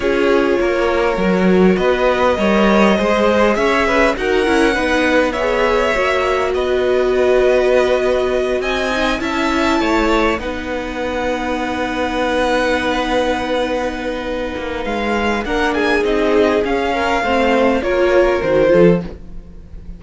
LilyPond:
<<
  \new Staff \with { instrumentName = "violin" } { \time 4/4 \tempo 4 = 101 cis''2. dis''4~ | dis''2 e''4 fis''4~ | fis''4 e''2 dis''4~ | dis''2~ dis''8 gis''4 a''8~ |
a''4. fis''2~ fis''8~ | fis''1~ | fis''4 f''4 fis''8 gis''8 dis''4 | f''2 cis''4 c''4 | }
  \new Staff \with { instrumentName = "violin" } { \time 4/4 gis'4 ais'2 b'4 | cis''4 c''4 cis''8 b'8 ais'4 | b'4 cis''2 b'4~ | b'2~ b'8 dis''4 e''8~ |
e''8 cis''4 b'2~ b'8~ | b'1~ | b'2 ais'8 gis'4.~ | gis'8 ais'8 c''4 ais'4. a'8 | }
  \new Staff \with { instrumentName = "viola" } { \time 4/4 f'2 fis'2 | ais'4 gis'2 fis'8 e'8 | dis'4 gis'4 fis'2~ | fis'2. dis'8 e'8~ |
e'4. dis'2~ dis'8~ | dis'1~ | dis'2 d'4 dis'4 | cis'4 c'4 f'4 fis'8 f'8 | }
  \new Staff \with { instrumentName = "cello" } { \time 4/4 cis'4 ais4 fis4 b4 | g4 gis4 cis'4 dis'8 cis'8 | b2 ais4 b4~ | b2~ b8 c'4 cis'8~ |
cis'8 a4 b2~ b8~ | b1~ | b8 ais8 gis4 ais4 c'4 | cis'4 a4 ais4 dis8 f8 | }
>>